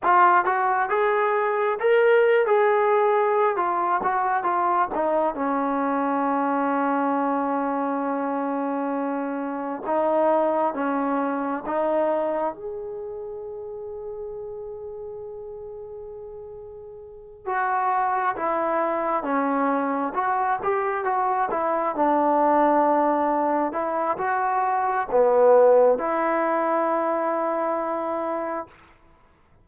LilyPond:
\new Staff \with { instrumentName = "trombone" } { \time 4/4 \tempo 4 = 67 f'8 fis'8 gis'4 ais'8. gis'4~ gis'16 | f'8 fis'8 f'8 dis'8 cis'2~ | cis'2. dis'4 | cis'4 dis'4 gis'2~ |
gis'2.~ gis'8 fis'8~ | fis'8 e'4 cis'4 fis'8 g'8 fis'8 | e'8 d'2 e'8 fis'4 | b4 e'2. | }